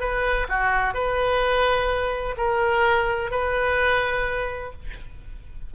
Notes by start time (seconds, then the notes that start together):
0.00 B4
0.49 F#4
0.94 B4
2.37 A#4
3.31 B4